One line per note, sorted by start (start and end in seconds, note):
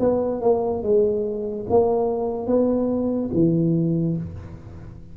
0.00 0.41 B3
0.41 0.83 A#3
0.83 1.66 G#3
1.69 2.47 A#3
2.47 3.30 B3
3.34 4.17 E3